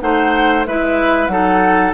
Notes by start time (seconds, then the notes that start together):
0.00 A3 D#4 C5 F#5
0.66 G#3 E4 B4 E5
1.27 F#3 D#4 A4 F#5